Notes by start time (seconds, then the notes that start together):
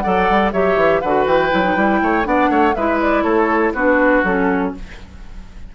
0.00 F#3 A4 D5 F#5
0.30 G3
0.52 F#3 G4 C#5 E5
0.76 E3
1.01 D3 F#4 B4 F#5
1.26 E3 G5
1.50 F#3 E4
1.63 D#4
1.75 G3 E4
2.02 A3 C#5
2.23 B3 D4 D5 F#5
2.49 A3 C#5
2.74 G#3 E4 B4 E5
3.01 D5
3.23 A3 A4 C#5
3.73 B3 D4 F#4 B4
4.24 F#3 C#4 A4